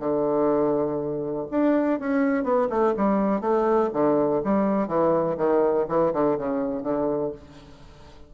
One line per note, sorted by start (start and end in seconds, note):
0.00 1.46 D3
1.51 2.00 D4
2.00 2.44 C#4
2.44 2.68 B3
2.70 2.94 A3
2.97 3.41 G3
3.41 3.90 A3
3.94 4.42 D3
4.44 4.88 G3
4.88 5.37 E3
5.37 5.86 D#3
5.89 6.13 E3
6.13 6.38 D3
6.38 6.83 C#3
6.83 7.32 D3